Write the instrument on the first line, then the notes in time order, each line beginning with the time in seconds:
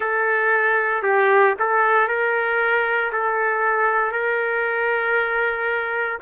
trumpet
0.00 A4
1.03 G4
1.58 A4
2.08 A#4
3.12 A4
4.11 A#4